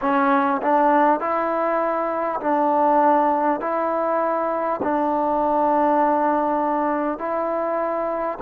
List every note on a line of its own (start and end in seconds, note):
0.01 0.61 C#4
0.62 1.19 D4
1.19 2.39 E4
2.40 3.60 D4
3.60 4.80 E4
4.82 7.18 D4
7.18 8.38 E4